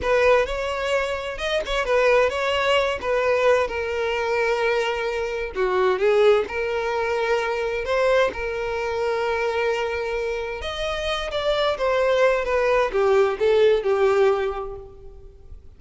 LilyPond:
\new Staff \with { instrumentName = "violin" } { \time 4/4 \tempo 4 = 130 b'4 cis''2 dis''8 cis''8 | b'4 cis''4. b'4. | ais'1 | fis'4 gis'4 ais'2~ |
ais'4 c''4 ais'2~ | ais'2. dis''4~ | dis''8 d''4 c''4. b'4 | g'4 a'4 g'2 | }